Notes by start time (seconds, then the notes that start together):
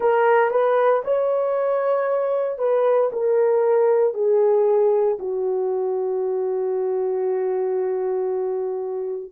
0.00 A#4
0.50 B4
1.04 C#5
2.58 B4
3.12 A#4
4.14 G#4
5.19 F#4